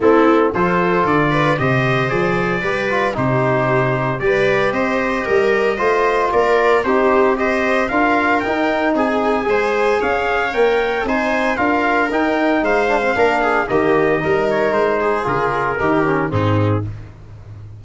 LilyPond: <<
  \new Staff \with { instrumentName = "trumpet" } { \time 4/4 \tempo 4 = 114 a'4 c''4 d''4 dis''4 | d''2 c''2 | d''4 dis''2. | d''4 c''4 dis''4 f''4 |
g''4 gis''2 f''4 | g''4 gis''4 f''4 g''4 | f''2 dis''4. cis''8 | c''4 ais'2 gis'4 | }
  \new Staff \with { instrumentName = "viola" } { \time 4/4 e'4 a'4. b'8 c''4~ | c''4 b'4 g'2 | b'4 c''4 ais'4 c''4 | ais'4 g'4 c''4 ais'4~ |
ais'4 gis'4 c''4 cis''4~ | cis''4 c''4 ais'2 | c''4 ais'8 gis'8 g'4 ais'4~ | ais'8 gis'4. g'4 dis'4 | }
  \new Staff \with { instrumentName = "trombone" } { \time 4/4 c'4 f'2 g'4 | gis'4 g'8 f'8 dis'2 | g'2. f'4~ | f'4 dis'4 g'4 f'4 |
dis'2 gis'2 | ais'4 dis'4 f'4 dis'4~ | dis'8 d'16 c'16 d'4 ais4 dis'4~ | dis'4 f'4 dis'8 cis'8 c'4 | }
  \new Staff \with { instrumentName = "tuba" } { \time 4/4 a4 f4 d4 c4 | f4 g4 c2 | g4 c'4 g4 a4 | ais4 c'2 d'4 |
dis'4 c'4 gis4 cis'4 | ais4 c'4 d'4 dis'4 | gis4 ais4 dis4 g4 | gis4 cis4 dis4 gis,4 | }
>>